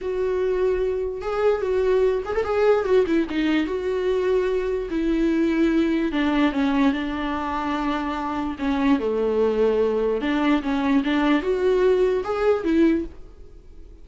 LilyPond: \new Staff \with { instrumentName = "viola" } { \time 4/4 \tempo 4 = 147 fis'2. gis'4 | fis'4. gis'16 a'16 gis'4 fis'8 e'8 | dis'4 fis'2. | e'2. d'4 |
cis'4 d'2.~ | d'4 cis'4 a2~ | a4 d'4 cis'4 d'4 | fis'2 gis'4 e'4 | }